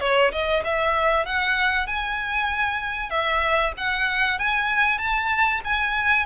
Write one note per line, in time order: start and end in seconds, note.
0.00 0.31 C#5
0.32 0.63 D#5
0.64 1.26 E5
1.26 1.86 F#5
1.86 3.10 G#5
3.10 3.72 E5
3.77 4.38 F#5
4.38 4.98 G#5
4.98 5.61 A5
5.64 6.25 G#5